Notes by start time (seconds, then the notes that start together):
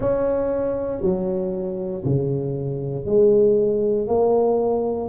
0.00 C#4
1.01 F#3
2.04 C#3
3.05 G#3
4.07 A#3